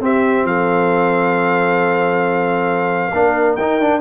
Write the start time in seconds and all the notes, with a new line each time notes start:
0.00 C4 G4 E5
0.44 F3 A4 F5
3.13 A#3 D4 A#4
3.56 D#4 G5
3.80 D4